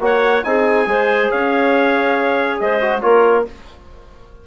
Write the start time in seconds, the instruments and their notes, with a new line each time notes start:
0.00 bassoon A#3, trombone F#4, clarinet C#5, trumpet F#5
0.44 bassoon C4, trombone D#4, clarinet G#4, trumpet G#5
0.86 bassoon G#3, trombone G#4, clarinet C5
1.31 bassoon C#4, clarinet C#5, trumpet F5
2.60 bassoon G#3, clarinet C5, trumpet D#5
2.81 trombone F#4
3.02 bassoon A#3, trombone F4, clarinet A#4, trumpet C#5